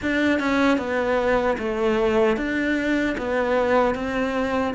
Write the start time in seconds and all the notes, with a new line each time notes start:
0.02 D4
0.39 C#4
0.78 B3
1.58 A3
2.36 D4
3.17 B3
3.94 C4